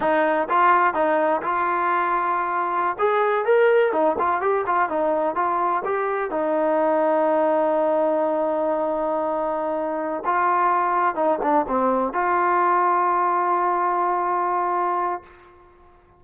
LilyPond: \new Staff \with { instrumentName = "trombone" } { \time 4/4 \tempo 4 = 126 dis'4 f'4 dis'4 f'4~ | f'2~ f'16 gis'4 ais'8.~ | ais'16 dis'8 f'8 g'8 f'8 dis'4 f'8.~ | f'16 g'4 dis'2~ dis'8.~ |
dis'1~ | dis'4. f'2 dis'8 | d'8 c'4 f'2~ f'8~ | f'1 | }